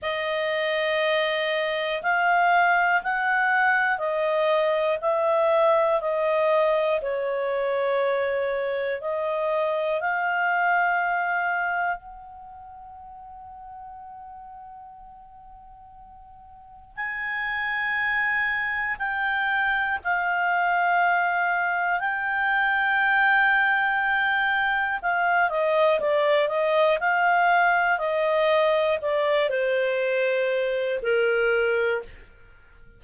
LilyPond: \new Staff \with { instrumentName = "clarinet" } { \time 4/4 \tempo 4 = 60 dis''2 f''4 fis''4 | dis''4 e''4 dis''4 cis''4~ | cis''4 dis''4 f''2 | fis''1~ |
fis''4 gis''2 g''4 | f''2 g''2~ | g''4 f''8 dis''8 d''8 dis''8 f''4 | dis''4 d''8 c''4. ais'4 | }